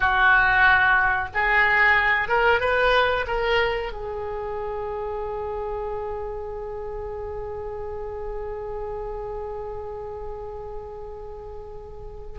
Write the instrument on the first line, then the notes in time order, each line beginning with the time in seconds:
oboe
0.00 F#4
1.33 G#4
2.28 A#4
2.60 B4
3.27 A#4
3.92 G#4